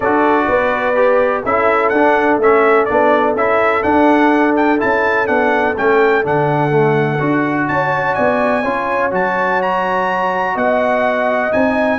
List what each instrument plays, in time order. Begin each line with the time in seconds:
0.00 tuba D4, trombone F#4, horn A4, trumpet D5
0.48 tuba B3, horn B4
0.95 trombone G4
1.44 tuba C#4, trombone E4, horn A4, trumpet E5
1.88 tuba D4, trumpet F#5
1.95 trombone D4
2.37 tuba A3, trombone C#4, trumpet E5
2.85 tuba B3, trombone D4, trumpet D5
3.34 tuba C#4, trombone E4, trumpet E5
3.83 trombone D4, tuba D4, trumpet F#5
4.56 trumpet G5
4.78 tuba C#4, trombone E4, trumpet A5
5.26 tuba B3, trombone D4, trumpet F#5
5.77 tuba A3, trombone C#4, trumpet G5
6.23 tuba D3, trombone D4, trumpet F#5
6.70 trombone A3
7.19 tuba D4, trombone F#4
7.67 tuba C#4, horn C#5, trumpet A5
8.14 tuba B3, horn D5, trumpet G#5
8.62 tuba C#4, trombone F4, horn C#5
9.11 tuba F#3, trombone F#4, trumpet A5
9.61 trumpet A#5
10.54 tuba B3, horn D#5, trumpet F#5
11.51 tuba C4, trombone D#4, trumpet G#5